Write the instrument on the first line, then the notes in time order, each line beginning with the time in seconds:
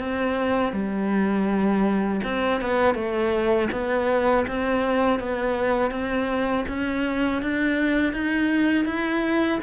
cello
0.00 C4
0.73 G3
2.25 C4
2.62 B3
2.95 A3
3.72 B3
4.48 C4
5.20 B3
5.91 C4
6.69 C#4
7.43 D4
8.13 D#4
8.86 E4